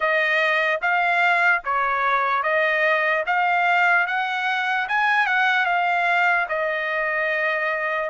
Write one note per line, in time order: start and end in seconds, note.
0.00 0.80 D#5
0.81 1.62 F5
1.64 2.43 C#5
2.43 3.24 D#5
3.26 4.06 F5
4.06 4.87 F#5
4.88 5.26 G#5
5.26 5.65 F#5
5.65 6.46 F5
6.49 8.10 D#5